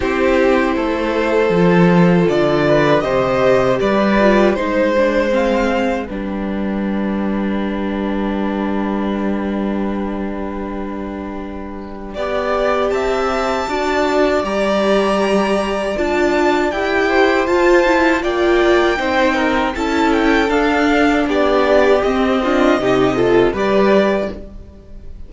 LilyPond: <<
  \new Staff \with { instrumentName = "violin" } { \time 4/4 \tempo 4 = 79 c''2. d''4 | dis''4 d''4 c''4 f''4 | g''1~ | g''1~ |
g''4 a''2 ais''4~ | ais''4 a''4 g''4 a''4 | g''2 a''8 g''8 f''4 | d''4 dis''2 d''4 | }
  \new Staff \with { instrumentName = "violin" } { \time 4/4 g'4 a'2~ a'8 b'8 | c''4 b'4 c''2 | b'1~ | b'1 |
d''4 e''4 d''2~ | d''2~ d''8 c''4. | d''4 c''8 ais'8 a'2 | g'4. f'8 g'8 a'8 b'4 | }
  \new Staff \with { instrumentName = "viola" } { \time 4/4 e'2 f'2 | g'4. f'8 dis'8 d'8 c'4 | d'1~ | d'1 |
g'2 fis'4 g'4~ | g'4 f'4 g'4 f'8 e'8 | f'4 dis'4 e'4 d'4~ | d'4 c'8 d'8 dis'8 f'8 g'4 | }
  \new Staff \with { instrumentName = "cello" } { \time 4/4 c'4 a4 f4 d4 | c4 g4 gis2 | g1~ | g1 |
b4 c'4 d'4 g4~ | g4 d'4 e'4 f'4 | ais4 c'4 cis'4 d'4 | b4 c'4 c4 g4 | }
>>